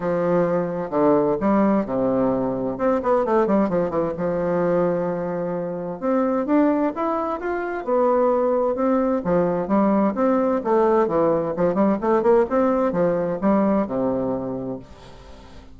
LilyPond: \new Staff \with { instrumentName = "bassoon" } { \time 4/4 \tempo 4 = 130 f2 d4 g4 | c2 c'8 b8 a8 g8 | f8 e8 f2.~ | f4 c'4 d'4 e'4 |
f'4 b2 c'4 | f4 g4 c'4 a4 | e4 f8 g8 a8 ais8 c'4 | f4 g4 c2 | }